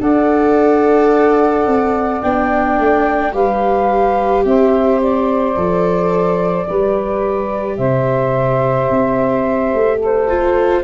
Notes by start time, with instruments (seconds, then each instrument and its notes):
0.00 tuba D4, viola A4, saxophone D5, flute F#5
1.66 tuba C4
2.22 tuba B3, viola D4, flute G5
2.78 tuba A3
3.32 tuba G3, viola G4, saxophone B4, flute F5
4.45 tuba C4, saxophone C5, flute E5
5.02 flute D5
5.56 tuba F3, viola A4
6.67 tuba G3, viola G4, saxophone B4
7.77 tuba C3, saxophone C5, flute E5
8.90 tuba C4
9.73 tuba A3
9.97 saxophone A4
10.04 flute C5
10.28 viola F4